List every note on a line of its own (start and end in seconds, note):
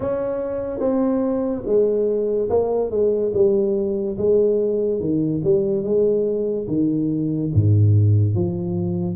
0.00 0.79 C#4
0.79 1.62 C4
1.65 2.48 G#3
2.49 2.90 A#3
2.90 3.31 G#3
3.33 4.17 G3
4.17 5.00 G#3
5.00 5.41 D#3
5.44 5.83 G3
5.83 6.66 G#3
6.67 7.50 D#3
7.53 8.34 G#2
8.34 9.16 F3